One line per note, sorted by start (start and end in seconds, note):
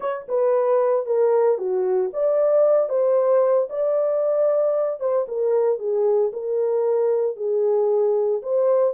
0.00 0.26 C#5
0.28 1.06 B4
1.06 1.58 A#4
1.58 2.10 F#4
2.13 2.89 D5
2.89 3.68 C5
3.69 5.00 D5
5.00 5.26 C5
5.28 5.78 A#4
5.78 6.31 G#4
6.32 7.36 A#4
7.36 8.41 G#4
8.42 8.94 C5